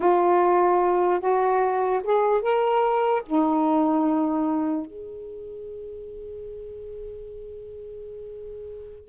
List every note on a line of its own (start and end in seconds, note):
0.00 1.19 F4
1.19 2.00 F#4
2.03 2.41 G#4
2.41 3.22 A#4
3.25 4.86 D#4
4.86 9.08 G#4